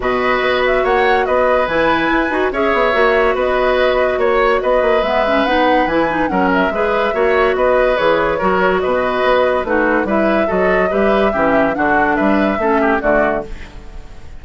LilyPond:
<<
  \new Staff \with { instrumentName = "flute" } { \time 4/4 \tempo 4 = 143 dis''4. e''8 fis''4 dis''4 | gis''2 e''2 | dis''2 cis''4 dis''4 | e''4 fis''4 gis''4 fis''8 e''8~ |
e''2 dis''4 cis''4~ | cis''4 dis''2 b'4 | e''4 dis''4 e''2 | fis''4 e''2 d''4 | }
  \new Staff \with { instrumentName = "oboe" } { \time 4/4 b'2 cis''4 b'4~ | b'2 cis''2 | b'2 cis''4 b'4~ | b'2. ais'4 |
b'4 cis''4 b'2 | ais'4 b'2 fis'4 | b'4 a'4 b'4 g'4 | fis'4 b'4 a'8 g'8 fis'4 | }
  \new Staff \with { instrumentName = "clarinet" } { \time 4/4 fis'1 | e'4. fis'8 gis'4 fis'4~ | fis'1 | b8 cis'8 dis'4 e'8 dis'8 cis'4 |
gis'4 fis'2 gis'4 | fis'2. dis'4 | e'4 fis'4 g'4 cis'4 | d'2 cis'4 a4 | }
  \new Staff \with { instrumentName = "bassoon" } { \time 4/4 b,4 b4 ais4 b4 | e4 e'8 dis'8 cis'8 b8 ais4 | b2 ais4 b8 ais8 | gis4 b4 e4 fis4 |
gis4 ais4 b4 e4 | fis4 b,4 b4 a4 | g4 fis4 g4 e4 | d4 g4 a4 d4 | }
>>